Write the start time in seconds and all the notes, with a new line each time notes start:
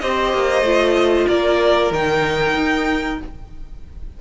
0.00 C4 G4 C5 D#5
0.34 A#3
0.62 A3 F4
1.29 A#3 A#4 D5
1.91 D#3 D#4 G5
2.54 D#4